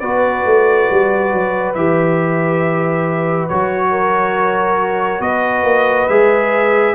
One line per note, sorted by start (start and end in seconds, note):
0.00 0.45 B3
0.00 1.77 F#4
0.00 3.91 B4
0.00 1.74 D5
0.46 0.90 A3
0.91 1.33 G3
1.33 1.75 F#3
1.75 3.49 E3
1.75 3.50 G4
1.75 3.48 E5
3.48 5.21 F#3
3.48 6.10 F#4
3.48 5.22 C#5
3.91 5.21 A#4
5.21 5.64 B3
5.21 6.95 B4
5.21 6.09 D#5
5.64 6.07 A#3
6.09 6.95 G#3
6.09 6.95 G#4
6.09 6.95 E5